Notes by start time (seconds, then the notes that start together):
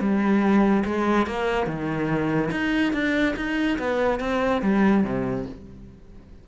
0.00 G3
0.85 G#3
1.26 A#3
1.66 D#3
2.51 D#4
2.93 D4
3.36 D#4
3.79 B3
4.20 C4
4.62 G3
5.04 C3